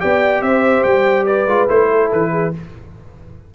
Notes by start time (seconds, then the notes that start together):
0.00 B3 G4 D5 G5
0.41 C4 C5 E5
0.84 G3 G5
1.26 B4 D5
1.46 G#3 F4
1.68 A3 E4 C5
1.91 A4
2.12 E3 B4
2.31 G#4